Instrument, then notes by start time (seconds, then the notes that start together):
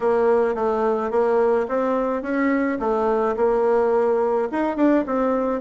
bassoon
0.00 A#3
0.55 A3
1.10 A#3
1.68 C4
2.22 C#4
2.79 A3
3.36 A#3
4.51 D#4
4.76 D4
5.06 C4